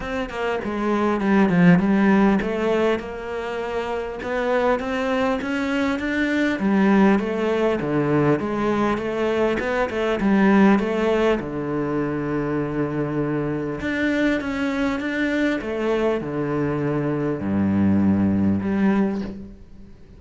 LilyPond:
\new Staff \with { instrumentName = "cello" } { \time 4/4 \tempo 4 = 100 c'8 ais8 gis4 g8 f8 g4 | a4 ais2 b4 | c'4 cis'4 d'4 g4 | a4 d4 gis4 a4 |
b8 a8 g4 a4 d4~ | d2. d'4 | cis'4 d'4 a4 d4~ | d4 g,2 g4 | }